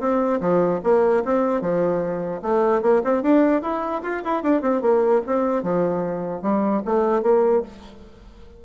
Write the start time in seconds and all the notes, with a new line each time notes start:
0.00 C4
0.41 F3
0.84 A#3
1.25 C4
1.61 F3
2.42 A3
2.82 A#3
3.04 C4
3.23 D4
3.62 E4
4.03 F4
4.25 E4
4.43 D4
4.62 C4
4.81 A#3
5.27 C4
5.63 F3
6.42 G3
6.85 A3
7.22 A#3